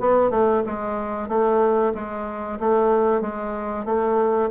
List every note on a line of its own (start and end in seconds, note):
0.00 0.30 B3
0.30 0.63 A3
0.66 1.28 G#3
1.28 1.93 A3
1.94 2.59 G#3
2.60 3.21 A3
3.21 3.85 G#3
3.85 4.50 A3